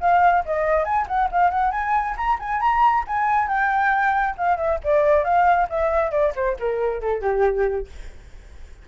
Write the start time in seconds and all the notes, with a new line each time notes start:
0.00 F5
0.45 D#5
0.84 G#5
1.07 F#5
1.31 F5
1.50 F#5
1.71 G#5
2.17 A#5
2.39 G#5
2.60 A#5
3.07 G#5
3.48 G5
4.37 F5
4.57 E5
4.83 D5
5.24 F5
5.69 E5
6.11 D5
6.35 C5
6.59 A#4
7.01 A4
7.21 G4